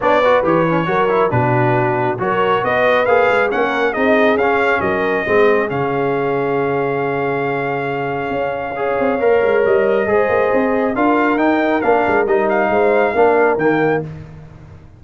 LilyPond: <<
  \new Staff \with { instrumentName = "trumpet" } { \time 4/4 \tempo 4 = 137 d''4 cis''2 b'4~ | b'4 cis''4 dis''4 f''4 | fis''4 dis''4 f''4 dis''4~ | dis''4 f''2.~ |
f''1~ | f''2 dis''2~ | dis''4 f''4 g''4 f''4 | dis''8 f''2~ f''8 g''4 | }
  \new Staff \with { instrumentName = "horn" } { \time 4/4 cis''8 b'4. ais'4 fis'4~ | fis'4 ais'4 b'2 | ais'4 gis'2 ais'4 | gis'1~ |
gis'1 | cis''2. c''4~ | c''4 ais'2.~ | ais'4 c''4 ais'2 | }
  \new Staff \with { instrumentName = "trombone" } { \time 4/4 d'8 fis'8 g'8 cis'8 fis'8 e'8 d'4~ | d'4 fis'2 gis'4 | cis'4 dis'4 cis'2 | c'4 cis'2.~ |
cis'1 | gis'4 ais'2 gis'4~ | gis'4 f'4 dis'4 d'4 | dis'2 d'4 ais4 | }
  \new Staff \with { instrumentName = "tuba" } { \time 4/4 b4 e4 fis4 b,4~ | b,4 fis4 b4 ais8 gis8 | ais4 c'4 cis'4 fis4 | gis4 cis2.~ |
cis2. cis'4~ | cis'8 c'8 ais8 gis8 g4 gis8 ais8 | c'4 d'4 dis'4 ais8 gis8 | g4 gis4 ais4 dis4 | }
>>